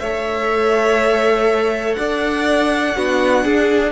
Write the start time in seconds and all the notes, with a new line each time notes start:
0.00 A3 A4 C#5 E5
1.94 D4 D5 F#5
2.97 B3 D4 F#4
3.45 D4 G#4